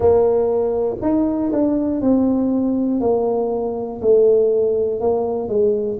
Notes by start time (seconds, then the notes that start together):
0.00 A#3
1.01 D#4
1.52 D4
2.01 C4
3.00 A#3
4.01 A3
5.00 A#3
5.48 G#3